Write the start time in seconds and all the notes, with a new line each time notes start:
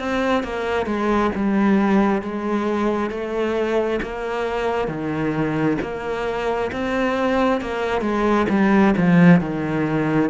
0.00 C4
0.44 A#3
0.87 G#3
1.36 G3
2.22 G#3
3.11 A3
4.03 A#3
4.88 D#3
5.82 A#3
6.72 C4
7.62 A#3
8.02 G#3
8.50 G3
8.98 F3
9.41 D#3